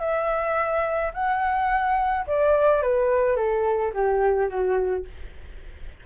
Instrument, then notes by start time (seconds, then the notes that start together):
flute
0.00 E5
1.14 F#5
2.27 D5
2.83 B4
3.37 A4
3.94 G4
4.49 F#4